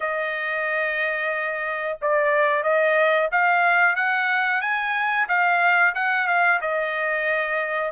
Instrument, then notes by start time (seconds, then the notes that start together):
trumpet
0.00 D#5
2.01 D5
2.63 D#5
3.31 F5
3.95 F#5
4.61 G#5
5.28 F5
5.94 F#5
6.27 F5
6.61 D#5